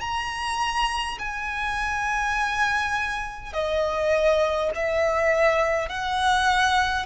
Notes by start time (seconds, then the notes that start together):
0.00 A#5
1.18 G#5
3.53 D#5
4.74 E5
5.89 F#5